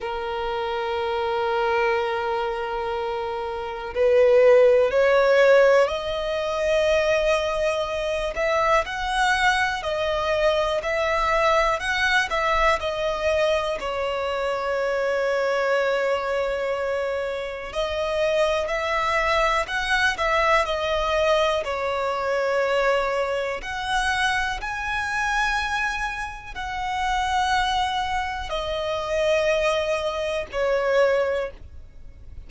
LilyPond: \new Staff \with { instrumentName = "violin" } { \time 4/4 \tempo 4 = 61 ais'1 | b'4 cis''4 dis''2~ | dis''8 e''8 fis''4 dis''4 e''4 | fis''8 e''8 dis''4 cis''2~ |
cis''2 dis''4 e''4 | fis''8 e''8 dis''4 cis''2 | fis''4 gis''2 fis''4~ | fis''4 dis''2 cis''4 | }